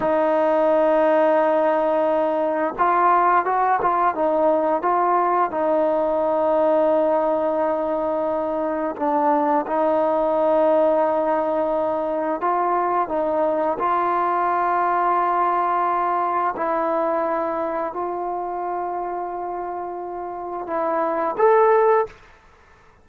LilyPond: \new Staff \with { instrumentName = "trombone" } { \time 4/4 \tempo 4 = 87 dis'1 | f'4 fis'8 f'8 dis'4 f'4 | dis'1~ | dis'4 d'4 dis'2~ |
dis'2 f'4 dis'4 | f'1 | e'2 f'2~ | f'2 e'4 a'4 | }